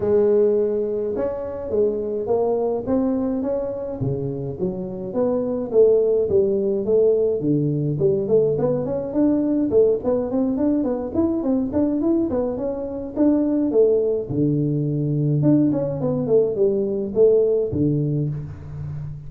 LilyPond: \new Staff \with { instrumentName = "tuba" } { \time 4/4 \tempo 4 = 105 gis2 cis'4 gis4 | ais4 c'4 cis'4 cis4 | fis4 b4 a4 g4 | a4 d4 g8 a8 b8 cis'8 |
d'4 a8 b8 c'8 d'8 b8 e'8 | c'8 d'8 e'8 b8 cis'4 d'4 | a4 d2 d'8 cis'8 | b8 a8 g4 a4 d4 | }